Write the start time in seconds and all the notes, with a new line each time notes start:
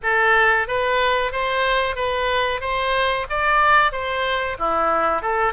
0.02 A4
0.67 B4
1.32 C5
1.95 B4
2.61 C5
3.29 D5
3.91 C5
4.58 E4
5.22 A4